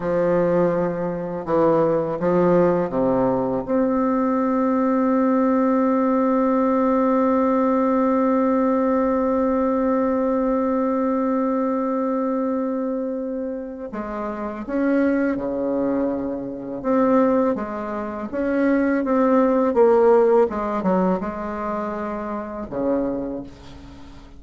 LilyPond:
\new Staff \with { instrumentName = "bassoon" } { \time 4/4 \tempo 4 = 82 f2 e4 f4 | c4 c'2.~ | c'1~ | c'1~ |
c'2. gis4 | cis'4 cis2 c'4 | gis4 cis'4 c'4 ais4 | gis8 fis8 gis2 cis4 | }